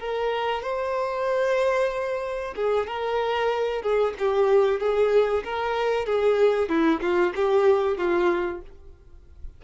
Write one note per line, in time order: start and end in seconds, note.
0.00 0.63 A#4
0.63 2.54 C5
2.56 2.87 G#4
2.87 3.82 A#4
3.82 4.14 G#4
4.19 4.80 G4
4.80 5.44 G#4
5.45 6.06 A#4
6.06 6.69 G#4
6.69 7.01 E4
7.01 7.33 F4
7.36 7.98 G4
7.98 8.62 F4